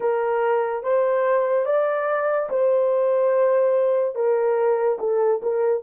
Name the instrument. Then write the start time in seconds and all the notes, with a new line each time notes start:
horn
0.00 A#4
0.83 C5
1.65 D5
2.49 C5
4.15 A#4
4.99 A4
5.42 A#4